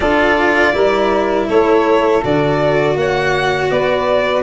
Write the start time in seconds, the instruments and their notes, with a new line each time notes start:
0.00 tuba D4, cello F4, saxophone A4, violin D5
0.73 tuba G3, cello E4, saxophone A#4
1.47 tuba A3, saxophone A4, violin C#5
2.22 tuba D3, cello F#4, violin D5
2.95 tuba A#3, saxophone C#5, violin F#5
3.70 tuba B3, saxophone B4, violin D5